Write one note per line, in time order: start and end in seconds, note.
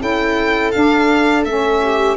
0.00 0.74 C#4
0.00 0.72 E4
0.00 1.81 A4
0.00 0.72 G5
0.72 1.46 D4
0.72 1.44 F5
1.45 2.17 A3
1.45 2.17 C#4
1.45 2.17 E5
1.83 2.17 G4